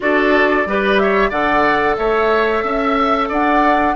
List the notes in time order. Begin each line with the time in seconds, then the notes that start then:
0.00 D4 F#4 A4 D5
0.66 G3 G4 B4
0.97 C#5 E5
1.29 D3 A4 D5 F#5
1.96 A3 C#5 E5
2.63 C#4 E5
3.28 D4 D5 F#5